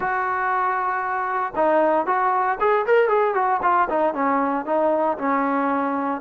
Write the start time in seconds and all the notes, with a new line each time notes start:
0.00 F#4
1.55 D#4
2.06 F#4
2.60 G#4
2.86 A#4
3.08 G#4
3.34 F#4
3.62 F4
3.89 D#4
4.14 C#4
4.65 D#4
5.18 C#4